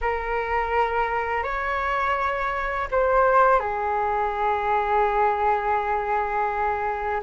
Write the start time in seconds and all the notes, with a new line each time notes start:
0.01 A#4
1.43 C#5
2.91 C5
3.59 G#4